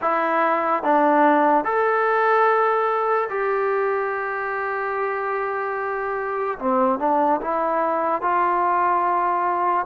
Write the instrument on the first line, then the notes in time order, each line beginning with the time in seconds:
trombone
0.01 E4
0.83 D4
1.64 A4
3.29 G4
6.58 C4
6.99 D4
7.41 E4
8.21 F4